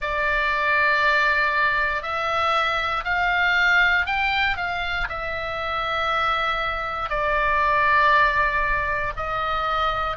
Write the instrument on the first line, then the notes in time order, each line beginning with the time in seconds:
oboe
0.00 D5
2.02 E5
3.04 F5
4.06 G5
4.57 F5
5.08 E5
7.09 D5
9.16 D#5